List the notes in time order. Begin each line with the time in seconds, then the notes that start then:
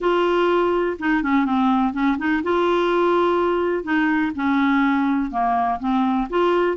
0.00 F4
0.99 D#4
1.22 C#4
1.45 C4
1.93 C#4
2.18 D#4
2.43 F4
3.83 D#4
4.35 C#4
5.30 A#3
5.79 C4
6.29 F4